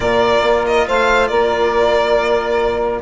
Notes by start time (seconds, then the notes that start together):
0.00 A#2 F4 A#4 D5
0.42 A#3
0.65 D#5
0.87 A3 C5 F5
1.27 A#3 A#4 D5